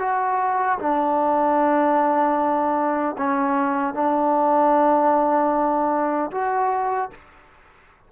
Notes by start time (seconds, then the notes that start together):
0.00 F#4
0.80 D4
3.18 C#4
3.95 D4
6.32 F#4